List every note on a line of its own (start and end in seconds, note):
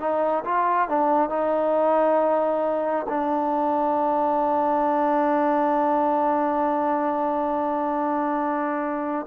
0.00 0.44 D#4
0.45 0.89 F4
0.89 1.30 D4
1.30 3.06 D#4
3.09 9.26 D4